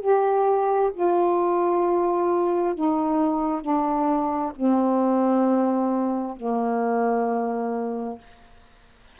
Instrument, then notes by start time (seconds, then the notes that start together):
saxophone
0.00 G4
0.93 F4
2.74 D#4
3.61 D4
4.55 C4
6.36 A#3